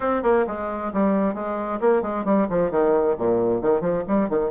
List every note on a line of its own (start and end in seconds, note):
0.00 0.23 C4
0.23 0.45 A#3
0.47 0.92 G#3
0.93 1.34 G3
1.34 1.79 G#3
1.80 2.02 A#3
2.02 2.24 G#3
2.25 2.47 G3
2.49 2.70 F3
2.70 3.15 D#3
3.18 3.61 A#2
3.61 3.80 D#3
3.80 4.03 F3
4.07 4.29 G3
4.29 4.50 D#3